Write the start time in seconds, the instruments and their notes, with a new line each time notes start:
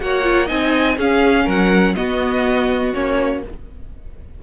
0.00 cello A#3, viola F#4, violin C#5 F#5
0.23 viola F4
0.46 cello C4, viola D#4, violin D#5 G#5
0.97 cello C#4, viola C#4, violin G#4 F5
1.45 cello F#3, violin A#4 F#5
1.95 viola B3, cello B3, violin F#4 D#5
2.94 cello A#3, viola C#4, violin C#5